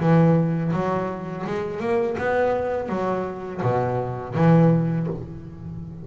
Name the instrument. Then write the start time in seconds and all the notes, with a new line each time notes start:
double bass
0.00 E3
0.73 F#3
1.47 G#3
1.80 A#3
2.18 B3
2.89 F#3
3.62 B2
4.35 E3